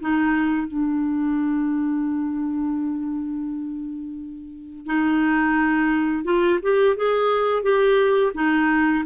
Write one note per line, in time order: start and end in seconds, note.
0.00 0.68 D#4
0.68 4.86 D4
4.86 6.24 D#4
6.24 6.59 F4
6.62 6.96 G4
6.96 7.62 G#4
7.62 8.32 G4
8.34 9.04 D#4